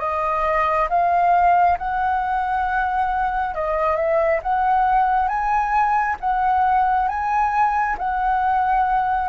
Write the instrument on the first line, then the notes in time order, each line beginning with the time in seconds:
flute
0.00 D#5
0.90 F5
1.78 F#5
3.55 D#5
3.97 E5
4.43 F#5
5.28 G#5
6.20 F#5
7.09 G#5
7.99 F#5